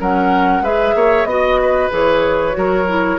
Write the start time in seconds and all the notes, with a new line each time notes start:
0.00 F#3 C#4 A#4 F#5
0.61 G#3 G#4 B4 E5
0.95 A#3 C#5
1.25 B3 F#4 D#5
1.61 B4
1.90 E3 G#4 C#5
2.52 F#3 F#4 A#4
2.88 E4